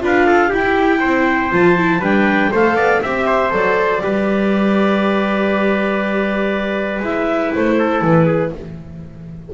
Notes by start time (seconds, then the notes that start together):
0.00 D4 F4 B4 F5
0.26 A4
0.49 E4 G4 G5
1.00 C4 C5
1.51 F3 F4 A5
1.77 E4
1.99 G3 D4 B4 G5
2.51 A3 A4 C5 F5
2.75 B3 D5
3.02 C4 G4 E5
3.26 C5
3.50 F#3 A4 D5
4.00 G3 G4 B4
7.00 G#3 E4 E5
7.54 A3 C5
7.78 A4
8.01 E3 B4
8.26 G#4